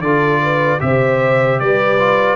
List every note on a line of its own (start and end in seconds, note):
0.00 0.79 D3
0.00 0.79 F4
0.00 0.42 A4
0.00 0.80 D5
0.42 0.82 B4
0.79 1.60 C3
0.79 1.97 G4
0.79 1.61 C5
0.79 1.59 E5
1.59 2.35 G3
1.59 2.35 B4
1.59 2.35 D5
1.98 2.35 F4